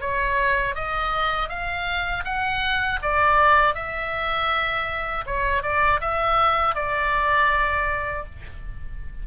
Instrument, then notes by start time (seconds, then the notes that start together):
oboe
0.00 C#5
0.75 D#5
1.48 F5
2.24 F#5
3.02 D5
3.74 E5
5.26 C#5
5.62 D5
6.00 E5
6.75 D5